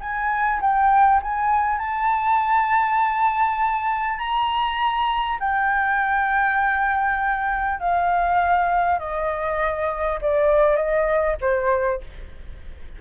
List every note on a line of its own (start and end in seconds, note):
0.00 0.60 G#5
0.61 1.21 G5
1.22 1.78 G#5
1.78 4.18 A5
4.19 5.39 A#5
5.40 7.80 G5
7.80 8.99 F5
8.99 10.19 D#5
10.22 10.76 D5
10.76 11.36 D#5
11.41 12.01 C5